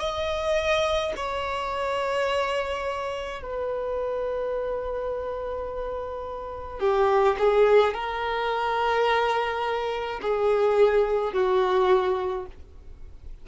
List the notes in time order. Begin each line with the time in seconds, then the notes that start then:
0.00 D#5
1.16 C#5
3.42 B4
6.80 G4
7.39 G#4
7.94 A#4
10.22 G#4
11.33 F#4